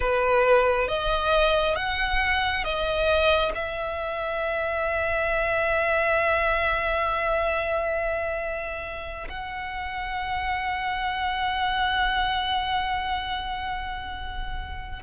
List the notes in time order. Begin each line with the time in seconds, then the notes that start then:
0.00 B4
0.88 D#5
1.75 F#5
2.64 D#5
3.54 E5
9.28 F#5